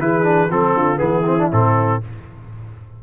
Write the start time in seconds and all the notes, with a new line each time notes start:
0.00 E3 E4 G#4 B4
0.24 D4
0.50 F3 C4 A4
0.75 D3 F4
0.97 E3 B3 E4 G#4
1.27 C4
1.39 D4
1.52 A2 C4 A4